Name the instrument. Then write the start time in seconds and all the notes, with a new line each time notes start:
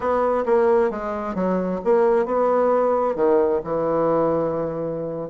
bassoon
0.00 B3
0.45 A#3
0.90 G#3
1.35 F#3
1.84 A#3
2.25 B3
3.15 D#3
3.64 E3